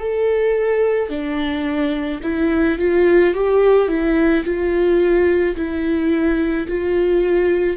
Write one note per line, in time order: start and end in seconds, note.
0.00 1.10 A4
1.10 2.21 D4
2.23 2.79 E4
2.79 3.34 F4
3.34 3.88 G4
3.88 4.44 E4
4.45 5.56 F4
5.56 6.67 E4
6.68 7.77 F4